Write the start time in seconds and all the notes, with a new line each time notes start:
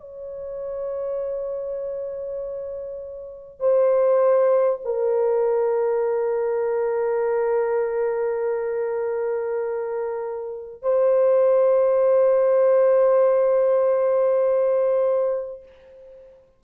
0.00 C#5
3.59 C5
4.84 A#4
10.82 C5